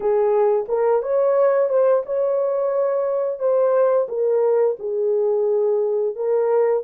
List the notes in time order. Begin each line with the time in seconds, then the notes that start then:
0.00 G#4
0.68 A#4
1.02 C#5
1.69 C5
2.05 C#5
3.39 C5
4.08 A#4
4.79 G#4
6.15 A#4